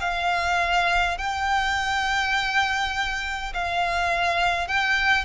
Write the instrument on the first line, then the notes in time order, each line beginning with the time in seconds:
violin
0.00 F5
1.18 G5
3.54 F5
4.68 G5